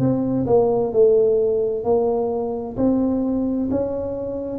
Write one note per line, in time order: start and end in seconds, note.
0.00 0.46 C4
0.47 0.93 A#3
0.93 1.84 A3
1.84 2.77 A#3
2.77 3.70 C4
3.71 4.59 C#4